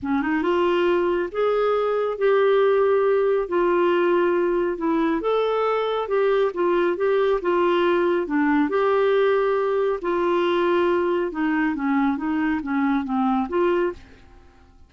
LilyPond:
\new Staff \with { instrumentName = "clarinet" } { \time 4/4 \tempo 4 = 138 cis'8 dis'8 f'2 gis'4~ | gis'4 g'2. | f'2. e'4 | a'2 g'4 f'4 |
g'4 f'2 d'4 | g'2. f'4~ | f'2 dis'4 cis'4 | dis'4 cis'4 c'4 f'4 | }